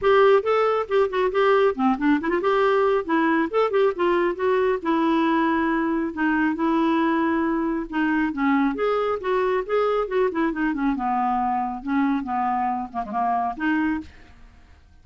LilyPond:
\new Staff \with { instrumentName = "clarinet" } { \time 4/4 \tempo 4 = 137 g'4 a'4 g'8 fis'8 g'4 | c'8 d'8 e'16 f'16 g'4. e'4 | a'8 g'8 f'4 fis'4 e'4~ | e'2 dis'4 e'4~ |
e'2 dis'4 cis'4 | gis'4 fis'4 gis'4 fis'8 e'8 | dis'8 cis'8 b2 cis'4 | b4. ais16 gis16 ais4 dis'4 | }